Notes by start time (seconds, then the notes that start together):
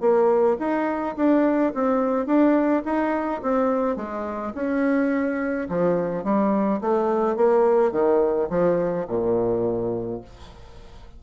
0.00 A#3
0.59 D#4
1.16 D4
1.74 C4
2.26 D4
2.85 D#4
3.42 C4
3.96 G#3
4.54 C#4
5.69 F3
6.24 G3
6.81 A3
7.36 A#3
7.92 D#3
8.50 F3
9.07 A#2